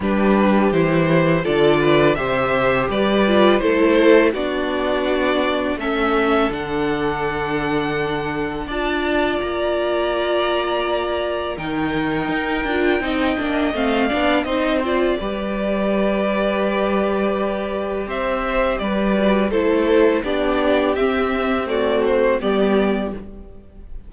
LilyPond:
<<
  \new Staff \with { instrumentName = "violin" } { \time 4/4 \tempo 4 = 83 b'4 c''4 d''4 e''4 | d''4 c''4 d''2 | e''4 fis''2. | a''4 ais''2. |
g''2. f''4 | dis''8 d''2.~ d''8~ | d''4 e''4 d''4 c''4 | d''4 e''4 d''8 c''8 d''4 | }
  \new Staff \with { instrumentName = "violin" } { \time 4/4 g'2 a'8 b'8 c''4 | b'4 a'4 fis'2 | a'1 | d''1 |
ais'2 dis''4. d''8 | c''4 b'2.~ | b'4 c''4 b'4 a'4 | g'2 fis'4 g'4 | }
  \new Staff \with { instrumentName = "viola" } { \time 4/4 d'4 e'4 f'4 g'4~ | g'8 f'8 e'4 d'2 | cis'4 d'2. | f'1 |
dis'4. f'8 dis'8 d'8 c'8 d'8 | dis'8 f'8 g'2.~ | g'2~ g'8 fis'8 e'4 | d'4 c'4 a4 b4 | }
  \new Staff \with { instrumentName = "cello" } { \time 4/4 g4 e4 d4 c4 | g4 a4 b2 | a4 d2. | d'4 ais2. |
dis4 dis'8 d'8 c'8 ais8 a8 b8 | c'4 g2.~ | g4 c'4 g4 a4 | b4 c'2 g4 | }
>>